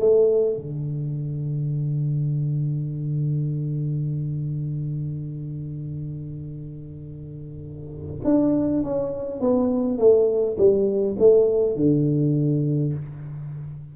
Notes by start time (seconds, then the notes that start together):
0.00 A3
0.57 D3
8.25 D4
8.83 C#4
9.41 B3
9.98 A3
10.58 G3
11.19 A3
11.76 D3